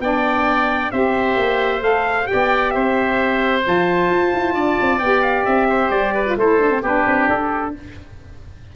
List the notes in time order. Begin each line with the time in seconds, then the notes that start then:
0.00 B3 D4 D5 G5
0.91 C4 G4 C5 E5
1.37 A#3
1.81 A3 A4 F5
2.24 G4 G5
2.32 B3 D5
2.71 C4 C5 E5
3.63 F3 F4 A5
4.10 F4
4.34 E4
4.54 D4 D5
4.81 C4
4.99 B3 G4 G5
5.22 F5
5.45 C4 E5
5.69 C5
5.90 G3 D5
6.15 B4
6.26 F4
6.36 A3 E4 A4 C5
6.59 D4
6.71 C4
6.82 B3 D4 G4 B4
7.06 C4
7.29 D4 A4